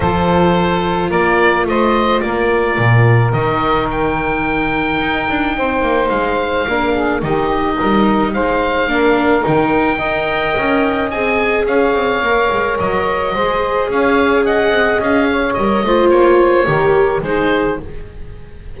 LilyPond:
<<
  \new Staff \with { instrumentName = "oboe" } { \time 4/4 \tempo 4 = 108 c''2 d''4 dis''4 | d''2 dis''4 g''4~ | g''2. f''4~ | f''4 dis''2 f''4~ |
f''4 g''2. | gis''4 f''2 dis''4~ | dis''4 f''4 fis''4 f''4 | dis''4 cis''2 c''4 | }
  \new Staff \with { instrumentName = "saxophone" } { \time 4/4 a'2 ais'4 c''4 | ais'1~ | ais'2 c''2 | ais'8 gis'8 g'4 ais'4 c''4 |
ais'2 dis''2~ | dis''4 cis''2. | c''4 cis''4 dis''4. cis''8~ | cis''8 c''4. ais'4 gis'4 | }
  \new Staff \with { instrumentName = "viola" } { \time 4/4 f'1~ | f'2 dis'2~ | dis'1 | d'4 dis'2. |
d'4 dis'4 ais'2 | gis'2 ais'2 | gis'1 | ais'8 f'4. g'4 dis'4 | }
  \new Staff \with { instrumentName = "double bass" } { \time 4/4 f2 ais4 a4 | ais4 ais,4 dis2~ | dis4 dis'8 d'8 c'8 ais8 gis4 | ais4 dis4 g4 gis4 |
ais4 dis4 dis'4 cis'4 | c'4 cis'8 c'8 ais8 gis8 fis4 | gis4 cis'4. c'8 cis'4 | g8 a8 ais4 dis4 gis4 | }
>>